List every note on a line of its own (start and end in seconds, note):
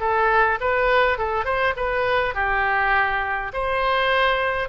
0.00 0.59 A4
0.61 1.18 B4
1.18 1.45 A4
1.45 1.74 C5
1.77 2.34 B4
2.34 3.52 G4
3.53 4.69 C5